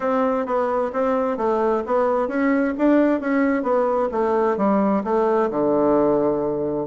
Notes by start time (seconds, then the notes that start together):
0.00 C4
0.46 B3
0.92 C4
1.37 A3
1.85 B3
2.28 C#4
2.78 D4
3.20 C#4
3.62 B3
4.11 A3
4.57 G3
5.04 A3
5.50 D3